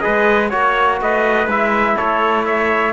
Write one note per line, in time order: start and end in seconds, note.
0.00 0.53 G#3
0.00 0.49 G#4
0.00 0.49 B4
0.00 0.48 D#5
0.49 1.01 A#3
0.49 1.47 F#4
0.49 0.97 C#5
0.49 1.00 C#5
1.01 1.47 A3
1.01 1.96 B4
1.01 1.50 D#5
1.47 1.95 G#3
1.47 2.93 E4
1.47 1.97 E5
1.96 2.93 A3
1.96 2.44 A4
1.96 2.45 C#5
2.45 2.93 C#5
2.45 2.93 E5